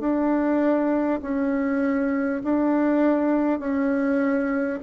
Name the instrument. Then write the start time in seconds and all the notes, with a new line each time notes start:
bassoon
0.00 D4
1.22 C#4
2.44 D4
3.59 C#4